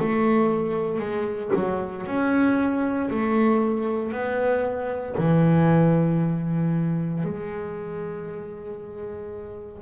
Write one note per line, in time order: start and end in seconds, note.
0.00 1.00 A3
1.00 1.51 G#3
1.55 2.06 F#3
2.06 3.10 C#4
3.10 4.12 A3
4.12 5.15 B3
5.18 7.24 E3
7.24 9.82 G#3